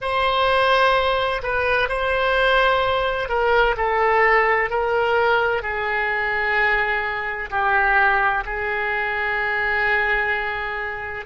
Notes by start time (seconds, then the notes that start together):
0.01 C5
1.42 B4
1.88 C5
3.28 A#4
3.77 A4
4.70 A#4
5.62 G#4
7.50 G4
8.45 G#4